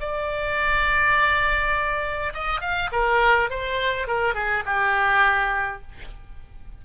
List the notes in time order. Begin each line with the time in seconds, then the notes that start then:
0.00 D5
2.34 D#5
2.61 F5
2.92 A#4
3.50 C5
4.07 A#4
4.34 G#4
4.65 G4